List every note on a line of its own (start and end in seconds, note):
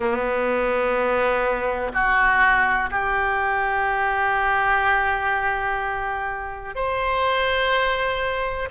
0.00 1.92 B3
1.93 2.89 F#4
2.90 6.75 G4
6.75 8.68 C5